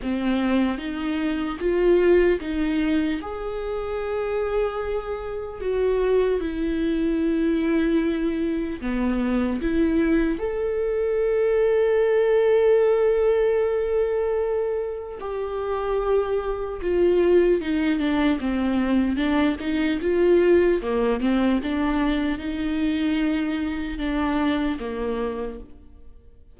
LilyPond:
\new Staff \with { instrumentName = "viola" } { \time 4/4 \tempo 4 = 75 c'4 dis'4 f'4 dis'4 | gis'2. fis'4 | e'2. b4 | e'4 a'2.~ |
a'2. g'4~ | g'4 f'4 dis'8 d'8 c'4 | d'8 dis'8 f'4 ais8 c'8 d'4 | dis'2 d'4 ais4 | }